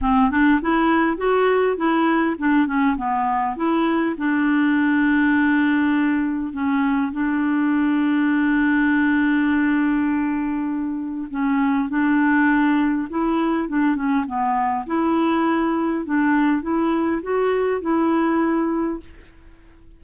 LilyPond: \new Staff \with { instrumentName = "clarinet" } { \time 4/4 \tempo 4 = 101 c'8 d'8 e'4 fis'4 e'4 | d'8 cis'8 b4 e'4 d'4~ | d'2. cis'4 | d'1~ |
d'2. cis'4 | d'2 e'4 d'8 cis'8 | b4 e'2 d'4 | e'4 fis'4 e'2 | }